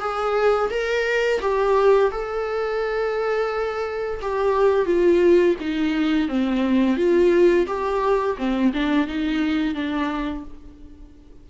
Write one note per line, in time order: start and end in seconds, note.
0.00 0.70 G#4
0.70 1.40 A#4
1.41 2.11 G4
2.11 4.21 A4
4.22 4.86 G4
4.86 5.55 F4
5.61 6.29 D#4
6.29 6.97 C4
6.97 7.67 F4
7.67 8.37 G4
8.38 8.73 C4
8.73 9.07 D4
9.07 9.75 D#4
9.75 10.44 D4